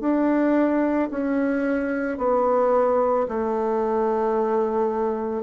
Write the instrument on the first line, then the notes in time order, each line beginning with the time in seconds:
bassoon
0.00 D4
1.11 C#4
2.18 B3
3.28 A3